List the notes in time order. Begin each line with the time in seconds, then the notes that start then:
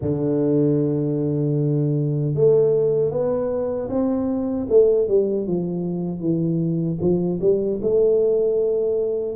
0.01 D3
2.34 A3
3.10 B3
3.89 C4
4.69 A3
5.08 G3
5.47 F3
6.20 E3
7.00 F3
7.41 G3
7.81 A3